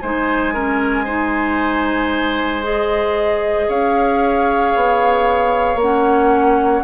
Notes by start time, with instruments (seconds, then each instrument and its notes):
0.00 bassoon G#3, clarinet D#4, oboe C5, flute G#5
0.53 clarinet C#4, oboe A#4
1.04 clarinet D#4, oboe C5
2.62 clarinet G#4, flute D#5
3.68 bassoon C#4, oboe C#5, flute F5
4.75 bassoon B3
5.75 bassoon A#3
5.81 clarinet C#4, flute F#5